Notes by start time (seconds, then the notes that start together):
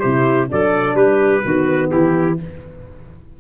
0.00 C3 E4 G4 C5
0.49 F#3 D4 A4 D5
0.95 G3 G4 B4
1.45 D#3 B3 F#4
1.89 E3 E4 G4